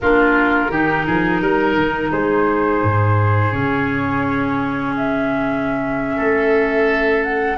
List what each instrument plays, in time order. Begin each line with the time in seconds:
0.00 tuba A#3, clarinet D4, oboe F4, flute A#4
0.69 tuba D#3, clarinet D#4, oboe G4
1.06 tuba F3, oboe G#4
1.41 tuba G3, oboe A#4
1.75 tuba D#3
2.11 tuba G#3, oboe G#4, flute C5
2.83 tuba G#2
3.51 tuba C#3, clarinet C#4, flute C#5
4.96 flute E5
6.16 tuba A3, oboe A4
7.23 flute F#5